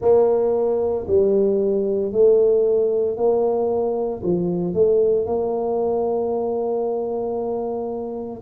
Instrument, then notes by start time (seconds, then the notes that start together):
tuba
0.01 A#3
1.07 G3
2.11 A3
3.16 A#3
4.23 F3
4.73 A3
5.25 A#3